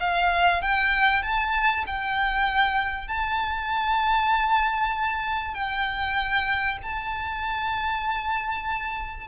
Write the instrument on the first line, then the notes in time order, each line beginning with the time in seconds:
violin
0.00 F5
0.62 G5
1.23 A5
1.86 G5
3.08 A5
5.54 G5
6.83 A5